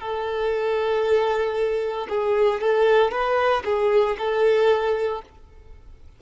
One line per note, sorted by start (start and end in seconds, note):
0.00 2.07 A4
2.09 2.61 G#4
2.61 3.11 A4
3.11 3.63 B4
3.64 4.16 G#4
4.18 5.21 A4